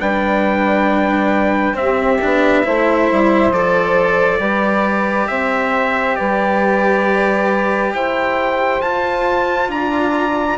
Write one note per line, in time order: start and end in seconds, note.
0.00 1.74 G3
0.00 1.74 D4
0.00 1.77 B4
0.00 1.77 G5
1.74 2.18 C4
1.74 2.65 G4
1.74 3.53 E5
2.21 2.67 B3
2.21 2.64 D4
2.64 3.11 A3
2.64 3.52 E4
2.64 4.39 C5
3.12 3.51 G3
3.51 4.40 F3
3.51 4.40 A4
3.51 5.28 D5
4.39 5.28 G3
4.39 8.81 G4
4.39 5.27 B4
5.28 6.18 C4
5.28 6.17 C5
5.28 6.16 E5
6.16 7.94 G3
6.16 7.94 B4
6.16 7.92 D5
7.94 8.81 E4
7.94 9.71 C5
7.94 8.82 G5
8.81 9.69 F4
8.81 10.58 F4
8.81 9.70 A5
9.69 10.57 D4
9.69 10.58 D5
9.69 10.58 A#5